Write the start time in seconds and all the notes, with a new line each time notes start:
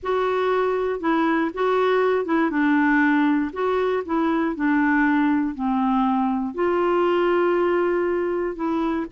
0.03 F#4
1.00 E4
1.54 F#4
2.25 E4
2.50 D4
3.52 F#4
4.05 E4
4.55 D4
5.54 C4
6.54 F4
8.55 E4